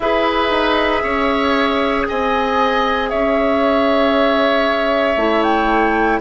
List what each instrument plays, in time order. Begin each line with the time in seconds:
0.00 bassoon E4, clarinet G#4, oboe B4, flute E5
0.50 bassoon D#4
1.03 bassoon C#4, oboe C#5
2.07 bassoon C4, oboe D#5, flute G#5
3.09 bassoon C#4, oboe C#5, flute E5
5.16 bassoon A3, clarinet E4
5.42 flute G5